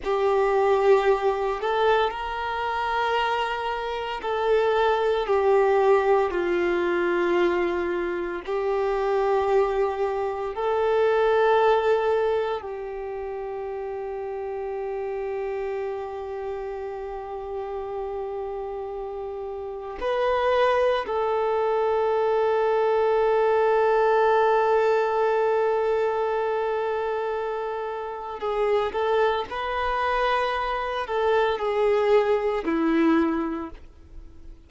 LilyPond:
\new Staff \with { instrumentName = "violin" } { \time 4/4 \tempo 4 = 57 g'4. a'8 ais'2 | a'4 g'4 f'2 | g'2 a'2 | g'1~ |
g'2. b'4 | a'1~ | a'2. gis'8 a'8 | b'4. a'8 gis'4 e'4 | }